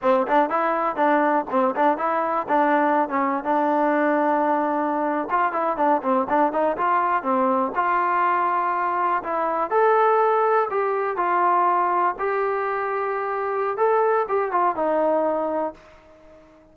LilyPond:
\new Staff \with { instrumentName = "trombone" } { \time 4/4 \tempo 4 = 122 c'8 d'8 e'4 d'4 c'8 d'8 | e'4 d'4~ d'16 cis'8. d'4~ | d'2~ d'8. f'8 e'8 d'16~ | d'16 c'8 d'8 dis'8 f'4 c'4 f'16~ |
f'2~ f'8. e'4 a'16~ | a'4.~ a'16 g'4 f'4~ f'16~ | f'8. g'2.~ g'16 | a'4 g'8 f'8 dis'2 | }